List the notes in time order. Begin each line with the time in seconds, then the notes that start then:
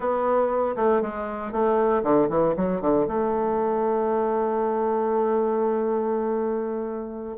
0.00 B3
0.76 A3
1.01 G#3
1.52 A3
2.03 D3
2.29 E3
2.56 F#3
2.81 D3
3.07 A3